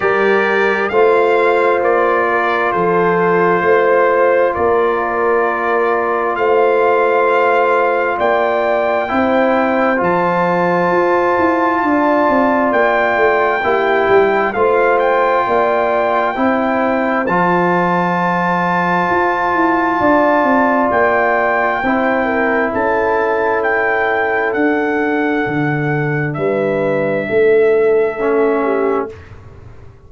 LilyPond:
<<
  \new Staff \with { instrumentName = "trumpet" } { \time 4/4 \tempo 4 = 66 d''4 f''4 d''4 c''4~ | c''4 d''2 f''4~ | f''4 g''2 a''4~ | a''2 g''2 |
f''8 g''2~ g''8 a''4~ | a''2. g''4~ | g''4 a''4 g''4 fis''4~ | fis''4 e''2. | }
  \new Staff \with { instrumentName = "horn" } { \time 4/4 ais'4 c''4. ais'8 a'4 | c''4 ais'2 c''4~ | c''4 d''4 c''2~ | c''4 d''2 g'4 |
c''4 d''4 c''2~ | c''2 d''2 | c''8 ais'8 a'2.~ | a'4 b'4 a'4. g'8 | }
  \new Staff \with { instrumentName = "trombone" } { \time 4/4 g'4 f'2.~ | f'1~ | f'2 e'4 f'4~ | f'2. e'4 |
f'2 e'4 f'4~ | f'1 | e'2. d'4~ | d'2. cis'4 | }
  \new Staff \with { instrumentName = "tuba" } { \time 4/4 g4 a4 ais4 f4 | a4 ais2 a4~ | a4 ais4 c'4 f4 | f'8 e'8 d'8 c'8 ais8 a8 ais8 g8 |
a4 ais4 c'4 f4~ | f4 f'8 e'8 d'8 c'8 ais4 | c'4 cis'2 d'4 | d4 g4 a2 | }
>>